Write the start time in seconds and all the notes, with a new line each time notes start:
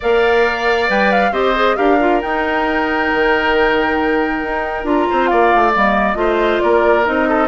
0.00 A#3 A#4 D5 F5
0.87 G3 B4 G5
1.11 F5
1.31 C4 G4 C5 D#5
1.55 G#4
1.76 D4 G4 A#4 F5
2.00 F4
2.21 D#4 G5
3.13 D#3
4.43 D#4
4.84 D4 F4 A#5
5.10 C4 C5
5.26 A#3 D5 F5
5.54 A3
5.73 G3 A#3 D#5
6.14 A3 F4 C5
6.60 A#3 A#4 D5
7.05 C4 D#4 D#5
7.28 A4